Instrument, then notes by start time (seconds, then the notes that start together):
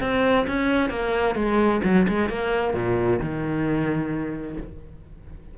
cello
0.00 C4
0.47 C#4
0.89 A#3
1.35 G#3
1.84 F#3
2.08 G#3
2.29 A#3
2.74 A#2
3.19 D#3